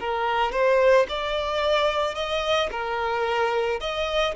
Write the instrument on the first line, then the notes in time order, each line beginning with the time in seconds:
violin
0.00 A#4
0.52 C5
1.09 D5
2.15 D#5
2.71 A#4
3.80 D#5